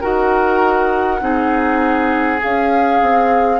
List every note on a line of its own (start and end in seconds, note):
0.00 1.21 D#4
0.00 1.20 F#4
0.00 1.20 A#4
0.00 2.41 F#5
1.20 2.41 C4
1.20 2.38 D#4
1.20 3.60 G#4
2.38 3.58 G#4
2.38 3.60 F5
2.44 3.01 C#4
3.01 3.60 C4